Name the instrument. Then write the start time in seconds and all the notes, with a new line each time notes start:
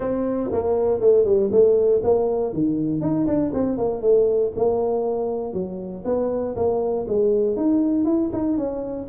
tuba
0.00 C4
0.52 A#3
1.00 A3
1.24 G3
1.51 A3
2.03 A#3
2.53 D#3
3.01 D#4
3.27 D4
3.53 C4
3.77 A#3
4.01 A3
4.55 A#3
5.53 F#3
6.04 B3
6.56 A#3
7.08 G#3
7.56 D#4
8.04 E4
8.32 D#4
8.57 C#4